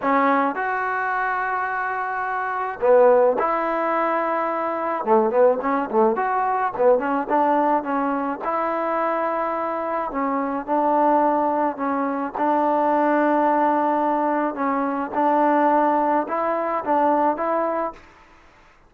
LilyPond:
\new Staff \with { instrumentName = "trombone" } { \time 4/4 \tempo 4 = 107 cis'4 fis'2.~ | fis'4 b4 e'2~ | e'4 a8 b8 cis'8 a8 fis'4 | b8 cis'8 d'4 cis'4 e'4~ |
e'2 cis'4 d'4~ | d'4 cis'4 d'2~ | d'2 cis'4 d'4~ | d'4 e'4 d'4 e'4 | }